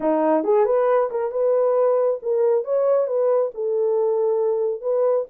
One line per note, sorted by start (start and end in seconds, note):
0.00 0.44 D#4
0.44 0.65 G#4
0.65 1.09 B4
1.10 1.31 A#4
1.31 2.19 B4
2.22 2.64 A#4
2.64 3.07 C#5
3.07 3.51 B4
3.54 4.81 A4
4.81 5.25 B4